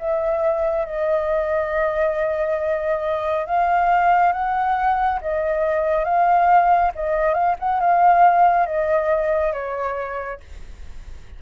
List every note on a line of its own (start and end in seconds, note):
0.00 0.85 E5
0.85 3.46 D#5
3.46 4.33 F5
4.33 5.20 F#5
5.22 6.05 D#5
6.05 6.92 F5
6.96 7.34 D#5
7.34 7.56 F5
7.60 7.81 F#5
7.81 8.66 F5
8.66 9.53 D#5
9.53 10.40 C#5